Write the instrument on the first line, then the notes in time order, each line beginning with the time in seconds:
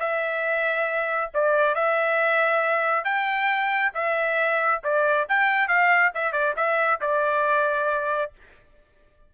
trumpet
0.00 E5
1.34 D5
1.75 E5
3.05 G5
3.94 E5
4.84 D5
5.29 G5
5.68 F5
6.15 E5
6.33 D5
6.57 E5
7.01 D5